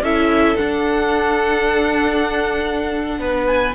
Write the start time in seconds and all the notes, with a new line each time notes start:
0.00 C#4 E4 A4 E5
0.56 D4 F#5
3.18 B3 B4
3.46 G#5